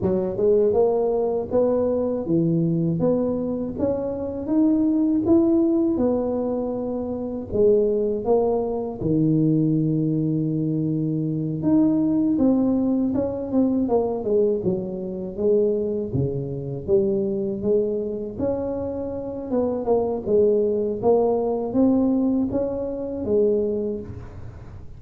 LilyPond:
\new Staff \with { instrumentName = "tuba" } { \time 4/4 \tempo 4 = 80 fis8 gis8 ais4 b4 e4 | b4 cis'4 dis'4 e'4 | b2 gis4 ais4 | dis2.~ dis8 dis'8~ |
dis'8 c'4 cis'8 c'8 ais8 gis8 fis8~ | fis8 gis4 cis4 g4 gis8~ | gis8 cis'4. b8 ais8 gis4 | ais4 c'4 cis'4 gis4 | }